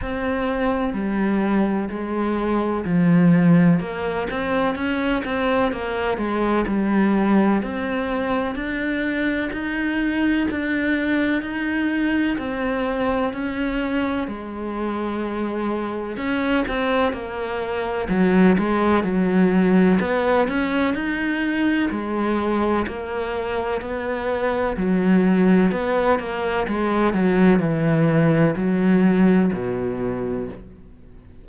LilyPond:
\new Staff \with { instrumentName = "cello" } { \time 4/4 \tempo 4 = 63 c'4 g4 gis4 f4 | ais8 c'8 cis'8 c'8 ais8 gis8 g4 | c'4 d'4 dis'4 d'4 | dis'4 c'4 cis'4 gis4~ |
gis4 cis'8 c'8 ais4 fis8 gis8 | fis4 b8 cis'8 dis'4 gis4 | ais4 b4 fis4 b8 ais8 | gis8 fis8 e4 fis4 b,4 | }